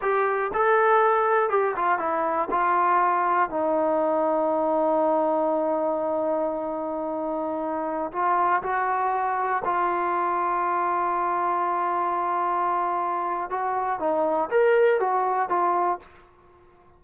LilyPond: \new Staff \with { instrumentName = "trombone" } { \time 4/4 \tempo 4 = 120 g'4 a'2 g'8 f'8 | e'4 f'2 dis'4~ | dis'1~ | dis'1~ |
dis'16 f'4 fis'2 f'8.~ | f'1~ | f'2. fis'4 | dis'4 ais'4 fis'4 f'4 | }